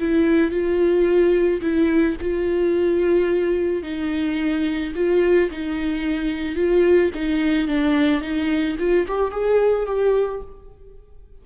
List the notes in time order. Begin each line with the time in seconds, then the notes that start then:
0.00 E4
0.51 F4
1.62 E4
2.21 F4
3.83 D#4
4.95 F4
5.51 D#4
6.56 F4
7.15 D#4
7.68 D4
8.22 D#4
8.79 F4
9.08 G4
9.32 G#4
9.87 G4